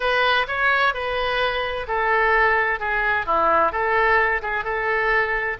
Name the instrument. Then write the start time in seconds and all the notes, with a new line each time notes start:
oboe
0.00 B4
0.47 C#5
0.93 B4
1.87 A4
2.79 G#4
3.26 E4
3.72 A4
4.42 G#4
4.64 A4